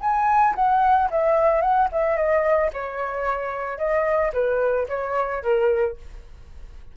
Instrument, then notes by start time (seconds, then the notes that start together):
flute
0.00 G#5
0.55 F#5
1.10 E5
1.61 F#5
1.92 E5
2.16 D#5
2.73 C#5
3.78 D#5
4.33 B4
4.88 C#5
5.43 A#4